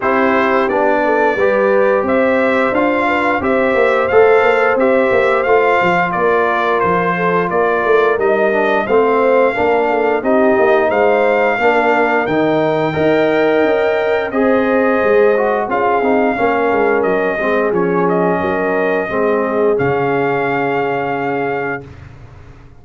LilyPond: <<
  \new Staff \with { instrumentName = "trumpet" } { \time 4/4 \tempo 4 = 88 c''4 d''2 e''4 | f''4 e''4 f''4 e''4 | f''4 d''4 c''4 d''4 | dis''4 f''2 dis''4 |
f''2 g''2~ | g''4 dis''2 f''4~ | f''4 dis''4 cis''8 dis''4.~ | dis''4 f''2. | }
  \new Staff \with { instrumentName = "horn" } { \time 4/4 g'4. a'8 b'4 c''4~ | c''8 b'8 c''2.~ | c''4 ais'4. a'8 ais'4~ | ais'4 c''4 ais'8 a'8 g'4 |
c''4 ais'2 dis''4~ | dis''4 c''2 gis'4 | ais'4. gis'4. ais'4 | gis'1 | }
  \new Staff \with { instrumentName = "trombone" } { \time 4/4 e'4 d'4 g'2 | f'4 g'4 a'4 g'4 | f'1 | dis'8 d'8 c'4 d'4 dis'4~ |
dis'4 d'4 dis'4 ais'4~ | ais'4 gis'4. fis'8 f'8 dis'8 | cis'4. c'8 cis'2 | c'4 cis'2. | }
  \new Staff \with { instrumentName = "tuba" } { \time 4/4 c'4 b4 g4 c'4 | d'4 c'8 ais8 a8 ais8 c'8 ais8 | a8 f8 ais4 f4 ais8 a8 | g4 a4 ais4 c'8 ais8 |
gis4 ais4 dis4 dis'4 | cis'4 c'4 gis4 cis'8 c'8 | ais8 gis8 fis8 gis8 f4 fis4 | gis4 cis2. | }
>>